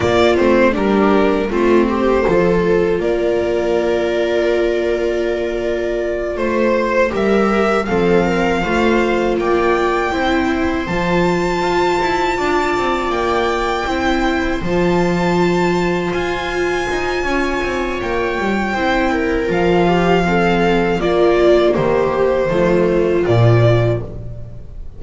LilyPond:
<<
  \new Staff \with { instrumentName = "violin" } { \time 4/4 \tempo 4 = 80 d''8 c''8 ais'4 c''2 | d''1~ | d''8 c''4 e''4 f''4.~ | f''8 g''2 a''4.~ |
a''4. g''2 a''8~ | a''4. gis''2~ gis''8 | g''2 f''2 | d''4 c''2 d''4 | }
  \new Staff \with { instrumentName = "viola" } { \time 4/4 f'4 g'4 f'8 g'8 a'4 | ais'1~ | ais'8 c''4 ais'4 a'8 ais'8 c''8~ | c''8 d''4 c''2~ c''8~ |
c''8 d''2 c''4.~ | c''2. cis''4~ | cis''4 c''8 ais'4 g'8 a'4 | f'4 g'4 f'2 | }
  \new Staff \with { instrumentName = "viola" } { \time 4/4 ais8 c'8 d'4 c'4 f'4~ | f'1~ | f'4. g'4 c'4 f'8~ | f'4. e'4 f'4.~ |
f'2~ f'8 e'4 f'8~ | f'1~ | f'4 e'4 f'4 c'4 | ais2 a4 f4 | }
  \new Staff \with { instrumentName = "double bass" } { \time 4/4 ais8 a8 g4 a4 f4 | ais1~ | ais8 a4 g4 f4 a8~ | a8 ais4 c'4 f4 f'8 |
e'8 d'8 c'8 ais4 c'4 f8~ | f4. f'4 dis'8 cis'8 c'8 | ais8 g8 c'4 f2 | ais4 dis4 f4 ais,4 | }
>>